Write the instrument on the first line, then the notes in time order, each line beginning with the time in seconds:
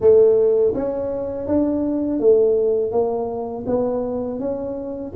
tuba
0.00 A3
0.74 C#4
1.47 D4
2.19 A3
2.91 A#3
3.66 B3
4.39 C#4